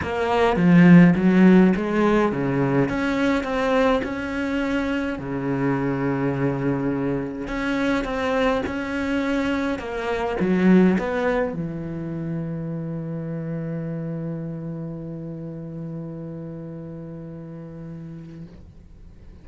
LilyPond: \new Staff \with { instrumentName = "cello" } { \time 4/4 \tempo 4 = 104 ais4 f4 fis4 gis4 | cis4 cis'4 c'4 cis'4~ | cis'4 cis2.~ | cis4 cis'4 c'4 cis'4~ |
cis'4 ais4 fis4 b4 | e1~ | e1~ | e1 | }